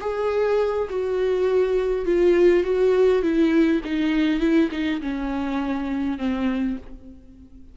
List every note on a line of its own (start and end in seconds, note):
0.00 0.88 G#4
0.89 2.06 F#4
2.06 2.63 F4
2.63 3.22 F#4
3.22 3.81 E4
3.84 4.40 D#4
4.40 4.69 E4
4.71 5.00 D#4
5.01 6.18 C#4
6.18 6.76 C4